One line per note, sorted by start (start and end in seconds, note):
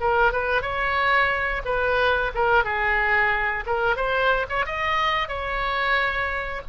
0.00 0.32 A#4
0.32 0.62 B4
0.62 1.62 C#5
1.65 2.31 B4
2.35 2.64 A#4
2.64 3.64 G#4
3.66 3.96 A#4
3.96 4.46 C5
4.49 4.65 C#5
4.65 5.28 D#5
5.28 6.61 C#5